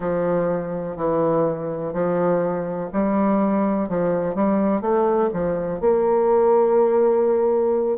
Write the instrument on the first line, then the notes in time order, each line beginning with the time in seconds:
bassoon
0.00 F3
0.96 E3
1.93 F3
2.93 G3
3.88 F3
4.35 G3
4.81 A3
5.33 F3
5.80 A#3